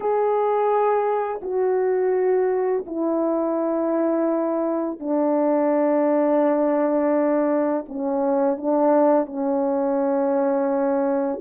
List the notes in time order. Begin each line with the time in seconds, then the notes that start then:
0.00 G#4
1.42 F#4
2.86 E4
4.99 D4
7.88 C#4
8.57 D4
9.26 C#4